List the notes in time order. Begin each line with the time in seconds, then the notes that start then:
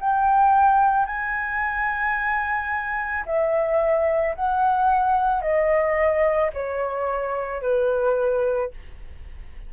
0.00 G5
1.06 G#5
3.26 E5
4.35 F#5
5.41 D#5
6.54 C#5
7.62 B4